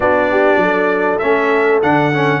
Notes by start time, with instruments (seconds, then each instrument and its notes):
0.00 tuba B3, trombone D4, horn F#4, trumpet D5
0.30 horn G4
0.56 tuba F#3, horn A4
1.18 tuba A3, trombone C#4, trumpet E5
1.82 tuba D3, trombone D4, trumpet F#5
2.13 trombone C#4